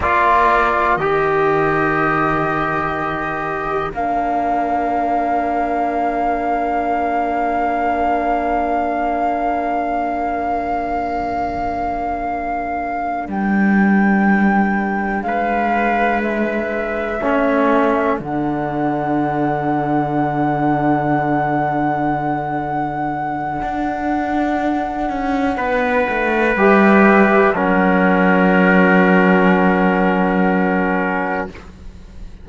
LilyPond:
<<
  \new Staff \with { instrumentName = "flute" } { \time 4/4 \tempo 4 = 61 d''4 dis''2. | f''1~ | f''1~ | f''4. g''2 f''8~ |
f''8 e''2 fis''4.~ | fis''1~ | fis''2. e''4 | fis''1 | }
  \new Staff \with { instrumentName = "trumpet" } { \time 4/4 ais'1~ | ais'1~ | ais'1~ | ais'2.~ ais'8 b'8~ |
b'4. a'2~ a'8~ | a'1~ | a'2 b'2 | ais'1 | }
  \new Staff \with { instrumentName = "trombone" } { \time 4/4 f'4 g'2. | d'1~ | d'1~ | d'1~ |
d'4. cis'4 d'4.~ | d'1~ | d'2. g'4 | cis'1 | }
  \new Staff \with { instrumentName = "cello" } { \time 4/4 ais4 dis2. | ais1~ | ais1~ | ais4. g2 gis8~ |
gis4. a4 d4.~ | d1 | d'4. cis'8 b8 a8 g4 | fis1 | }
>>